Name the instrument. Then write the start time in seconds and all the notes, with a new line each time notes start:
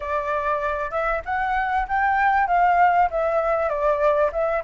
flute
0.00 D5
0.91 E5
1.25 F#5
1.88 G5
2.47 F5
3.10 E5
3.69 D5
4.32 E5